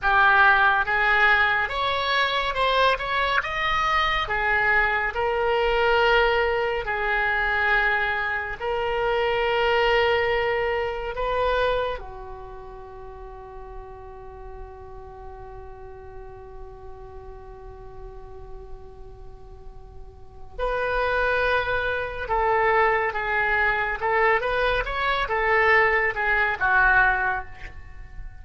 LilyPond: \new Staff \with { instrumentName = "oboe" } { \time 4/4 \tempo 4 = 70 g'4 gis'4 cis''4 c''8 cis''8 | dis''4 gis'4 ais'2 | gis'2 ais'2~ | ais'4 b'4 fis'2~ |
fis'1~ | fis'1 | b'2 a'4 gis'4 | a'8 b'8 cis''8 a'4 gis'8 fis'4 | }